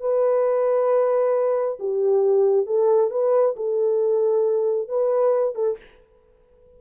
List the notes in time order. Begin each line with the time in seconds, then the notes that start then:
0.00 B4
1.79 G4
2.66 A4
3.11 B4
3.56 A4
4.88 B4
5.55 A4